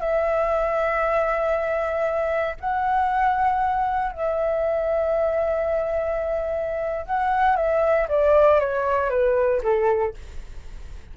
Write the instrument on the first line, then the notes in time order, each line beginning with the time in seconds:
flute
0.00 E5
2.61 F#5
4.12 E5
7.06 F#5
7.57 E5
8.09 D5
8.60 C#5
9.10 B4
9.63 A4